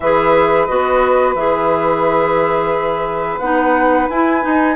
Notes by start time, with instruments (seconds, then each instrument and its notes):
0.00 bassoon E3, clarinet G#4, saxophone B4, flute E5
0.65 bassoon B3, clarinet F#4, flute D#5
1.34 bassoon E3, clarinet G#4, flute E5
3.38 bassoon B3, clarinet D#4, flute F#5
4.09 bassoon E4, clarinet E4, flute G#5
4.41 clarinet D#4, bassoon D#4